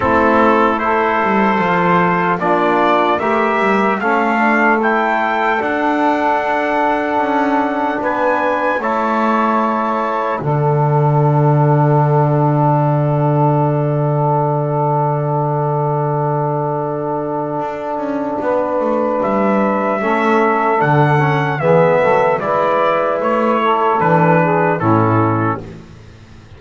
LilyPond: <<
  \new Staff \with { instrumentName = "trumpet" } { \time 4/4 \tempo 4 = 75 a'4 c''2 d''4 | e''4 f''4 g''4 fis''4~ | fis''2 gis''4 a''4~ | a''4 fis''2.~ |
fis''1~ | fis''1 | e''2 fis''4 e''4 | d''4 cis''4 b'4 a'4 | }
  \new Staff \with { instrumentName = "saxophone" } { \time 4/4 e'4 a'2 f'4 | ais'4 a'2.~ | a'2 b'4 cis''4~ | cis''4 a'2.~ |
a'1~ | a'2. b'4~ | b'4 a'2 gis'8 a'8 | b'4. a'4 gis'8 e'4 | }
  \new Staff \with { instrumentName = "trombone" } { \time 4/4 c'4 e'4 f'4 d'4 | g'4 cis'8 d'8 e'4 d'4~ | d'2. e'4~ | e'4 d'2.~ |
d'1~ | d'1~ | d'4 cis'4 d'8 cis'8 b4 | e'2 d'4 cis'4 | }
  \new Staff \with { instrumentName = "double bass" } { \time 4/4 a4. g8 f4 ais4 | a8 g8 a2 d'4~ | d'4 cis'4 b4 a4~ | a4 d2.~ |
d1~ | d2 d'8 cis'8 b8 a8 | g4 a4 d4 e8 fis8 | gis4 a4 e4 a,4 | }
>>